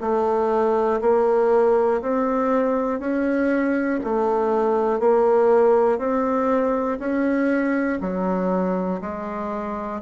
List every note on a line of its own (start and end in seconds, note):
0.00 1.00 A3
1.01 2.01 A#3
2.01 2.99 C4
2.99 3.99 C#4
4.04 5.00 A3
5.00 5.98 A#3
5.98 6.98 C4
6.99 7.99 C#4
8.00 9.00 F#3
9.01 10.01 G#3